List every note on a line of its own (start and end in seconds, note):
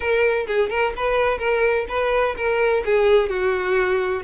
0.00 0.46 A#4
0.46 0.69 G#4
0.69 0.93 A#4
0.96 1.38 B4
1.38 1.85 A#4
1.88 2.35 B4
2.36 2.83 A#4
2.85 3.29 G#4
3.29 4.23 F#4